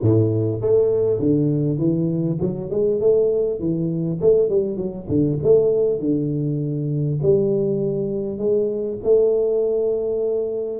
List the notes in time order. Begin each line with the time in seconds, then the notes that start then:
0.01 A2
0.61 A3
1.19 D3
1.78 E3
2.40 F#3
2.70 G#3
3.00 A3
3.59 E3
4.21 A3
4.49 G3
4.76 F#3
5.08 D3
5.42 A3
5.99 D3
7.22 G3
8.38 G#3
9.03 A3